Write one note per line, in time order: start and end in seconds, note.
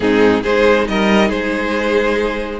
0.00 0.43 G#2
0.00 0.42 C4
0.00 0.42 D#4
0.00 0.43 G#4
0.42 0.88 G#3
0.42 2.60 D#4
0.42 0.85 G#4
0.42 0.87 C5
0.88 1.30 G3
0.88 1.28 A#4
0.88 1.30 D#5
1.28 2.60 G#3
1.28 2.58 G#4
1.28 2.60 C5